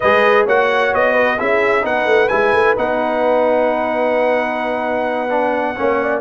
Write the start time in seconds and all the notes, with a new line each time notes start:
0.00 G#3 G#4 B4 D#5
0.45 A#3 F#4 C#5 F#5
0.93 B3 D#5
1.13 B4
1.38 C#4 E4 G#4 E5
1.81 B3 D#4 B4 F#5
2.05 A3
2.28 G#3 E4 G#5
2.52 A3
2.76 B3 D#4 F#5
5.29 D4
5.76 A#3 C#4 C#5
6.01 D5